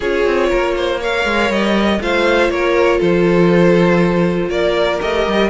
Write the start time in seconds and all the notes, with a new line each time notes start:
0.00 C#4 F4 G#4 C#5
0.26 C4
0.49 A#3 A#4
0.76 C5
1.00 A#4 C#5 F5
1.24 G#3
1.49 G3 D#5
1.99 A3 F4 C5 F5
2.49 A#3 A#4 C#5
2.98 F3 A4 C5
4.49 A#3 A#4 D5
4.99 A3 G4 D#5
5.26 G3